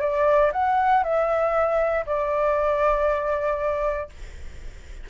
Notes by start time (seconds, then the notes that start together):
0.00 D5
0.52 F#5
1.03 E5
2.06 D5